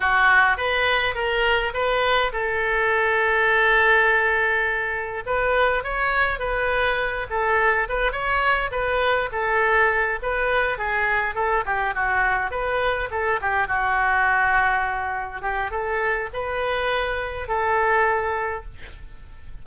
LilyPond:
\new Staff \with { instrumentName = "oboe" } { \time 4/4 \tempo 4 = 103 fis'4 b'4 ais'4 b'4 | a'1~ | a'4 b'4 cis''4 b'4~ | b'8 a'4 b'8 cis''4 b'4 |
a'4. b'4 gis'4 a'8 | g'8 fis'4 b'4 a'8 g'8 fis'8~ | fis'2~ fis'8 g'8 a'4 | b'2 a'2 | }